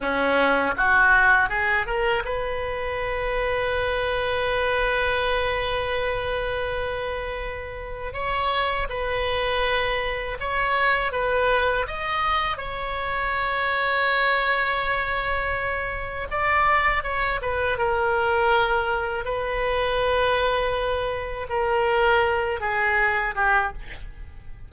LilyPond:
\new Staff \with { instrumentName = "oboe" } { \time 4/4 \tempo 4 = 81 cis'4 fis'4 gis'8 ais'8 b'4~ | b'1~ | b'2. cis''4 | b'2 cis''4 b'4 |
dis''4 cis''2.~ | cis''2 d''4 cis''8 b'8 | ais'2 b'2~ | b'4 ais'4. gis'4 g'8 | }